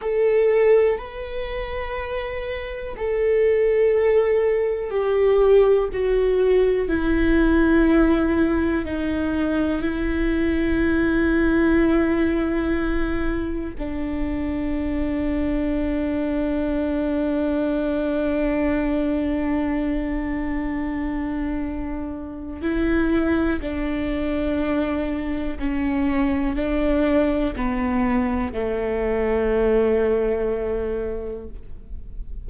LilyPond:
\new Staff \with { instrumentName = "viola" } { \time 4/4 \tempo 4 = 61 a'4 b'2 a'4~ | a'4 g'4 fis'4 e'4~ | e'4 dis'4 e'2~ | e'2 d'2~ |
d'1~ | d'2. e'4 | d'2 cis'4 d'4 | b4 a2. | }